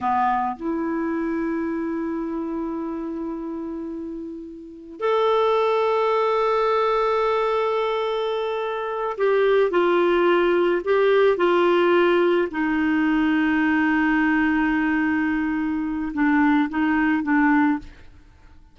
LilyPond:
\new Staff \with { instrumentName = "clarinet" } { \time 4/4 \tempo 4 = 108 b4 e'2.~ | e'1~ | e'4 a'2.~ | a'1~ |
a'8 g'4 f'2 g'8~ | g'8 f'2 dis'4.~ | dis'1~ | dis'4 d'4 dis'4 d'4 | }